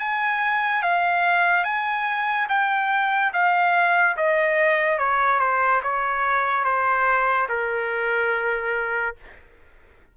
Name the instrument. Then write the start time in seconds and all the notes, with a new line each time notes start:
trumpet
0.00 G#5
0.83 F5
1.64 G#5
2.49 G5
3.34 F5
4.17 D#5
4.99 C#5
5.40 C5
5.83 C#5
6.65 C5
7.49 A#4